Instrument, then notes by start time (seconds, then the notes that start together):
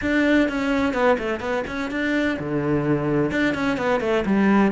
cello
0.01 D4
0.49 C#4
0.93 B3
1.18 A3
1.40 B3
1.67 C#4
1.90 D4
2.39 D3
3.31 D4
3.54 C#4
3.77 B3
4.00 A3
4.25 G3